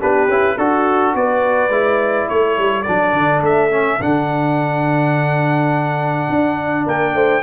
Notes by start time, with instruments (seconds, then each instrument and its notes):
0.00 tuba B3, trombone D4, horn G4, trumpet B4
0.28 tuba C#4, trombone E4
0.57 tuba D4, horn F#4, trombone F#4, trumpet A4
1.15 tuba B3, horn B4, trumpet D5
1.69 tuba G#3, trombone E4
2.29 tuba A3, horn A4, trumpet C#5
2.58 tuba G3
2.83 tuba F#3, trombone D4, trumpet D5
3.13 tuba D3
3.42 tuba A3, trumpet E5
3.71 trombone C#4
4.00 tuba D3, trombone D4, trumpet F#5
6.30 tuba D4
6.85 tuba A#3, horn A#4, trumpet G5
7.15 tuba A3, horn C5